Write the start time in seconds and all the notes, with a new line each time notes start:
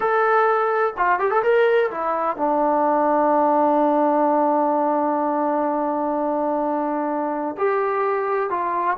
0.00 A4
0.97 F4
1.19 G4
1.30 A4
1.43 A#4
1.90 E4
2.36 D4
7.57 G4
8.50 F4